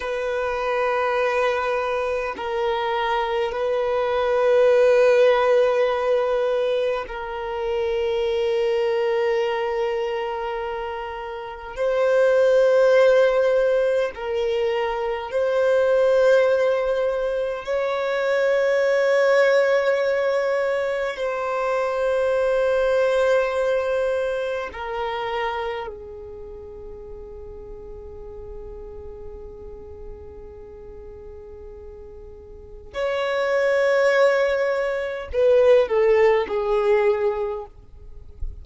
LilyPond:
\new Staff \with { instrumentName = "violin" } { \time 4/4 \tempo 4 = 51 b'2 ais'4 b'4~ | b'2 ais'2~ | ais'2 c''2 | ais'4 c''2 cis''4~ |
cis''2 c''2~ | c''4 ais'4 gis'2~ | gis'1 | cis''2 b'8 a'8 gis'4 | }